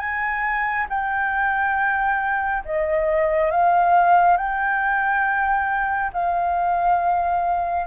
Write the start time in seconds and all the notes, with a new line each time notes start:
0.00 G#5
0.90 G5
2.66 D#5
3.51 F5
4.38 G5
6.13 F5